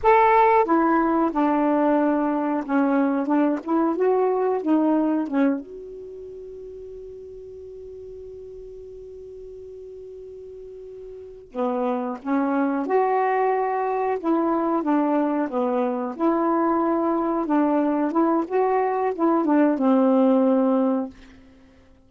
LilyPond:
\new Staff \with { instrumentName = "saxophone" } { \time 4/4 \tempo 4 = 91 a'4 e'4 d'2 | cis'4 d'8 e'8 fis'4 dis'4 | cis'8 fis'2.~ fis'8~ | fis'1~ |
fis'4. b4 cis'4 fis'8~ | fis'4. e'4 d'4 b8~ | b8 e'2 d'4 e'8 | fis'4 e'8 d'8 c'2 | }